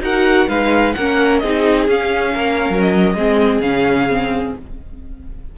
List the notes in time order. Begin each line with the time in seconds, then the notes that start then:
0.00 D#4 F#4 A#4 F#5
0.47 G#3 D#4 B4 F5
0.93 A#3 A#4 F#5
0.99 C#4
1.39 C4 D#4 G#4 D#5
1.87 C#4 F5
2.34 A#3 A#4
2.69 F#3
2.81 D#5
3.14 G#3 C4 G#4
3.59 C#3 C#4 F5
4.09 C4